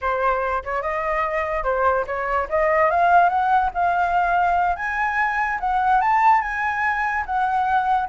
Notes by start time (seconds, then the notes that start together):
0.01 C5
0.64 C#5
0.82 D#5
1.63 C5
2.06 C#5
2.49 D#5
2.90 F5
3.29 F#5
3.74 F5
4.76 G#5
5.60 F#5
6.01 A5
6.41 G#5
7.26 F#5